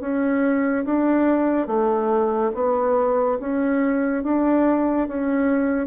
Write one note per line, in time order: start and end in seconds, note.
0.00 0.85 C#4
0.85 1.67 D4
1.67 2.52 A3
2.54 3.38 B3
3.40 4.23 C#4
4.23 5.08 D4
5.08 5.87 C#4